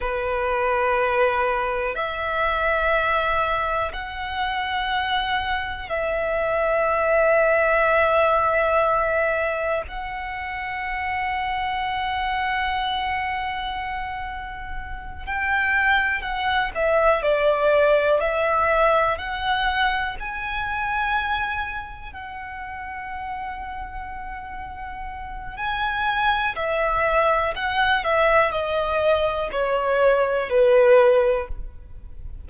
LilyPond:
\new Staff \with { instrumentName = "violin" } { \time 4/4 \tempo 4 = 61 b'2 e''2 | fis''2 e''2~ | e''2 fis''2~ | fis''2.~ fis''8 g''8~ |
g''8 fis''8 e''8 d''4 e''4 fis''8~ | fis''8 gis''2 fis''4.~ | fis''2 gis''4 e''4 | fis''8 e''8 dis''4 cis''4 b'4 | }